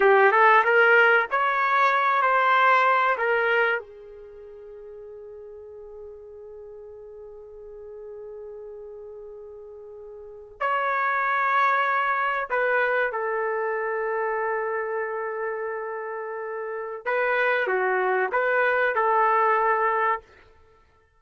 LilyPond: \new Staff \with { instrumentName = "trumpet" } { \time 4/4 \tempo 4 = 95 g'8 a'8 ais'4 cis''4. c''8~ | c''4 ais'4 gis'2~ | gis'1~ | gis'1~ |
gis'8. cis''2. b'16~ | b'8. a'2.~ a'16~ | a'2. b'4 | fis'4 b'4 a'2 | }